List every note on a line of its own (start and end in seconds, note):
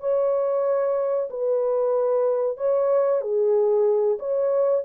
0.00 1.29 C#5
1.30 2.57 B4
2.57 3.21 C#5
3.21 4.18 G#4
4.19 4.84 C#5